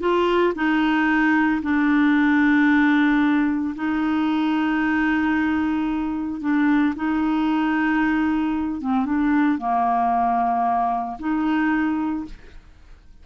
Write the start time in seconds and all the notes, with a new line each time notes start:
0.00 F4
0.55 D#4
1.62 D4
3.75 D#4
6.41 D4
6.95 D#4
8.81 C4
9.05 D4
9.58 A#3
11.19 D#4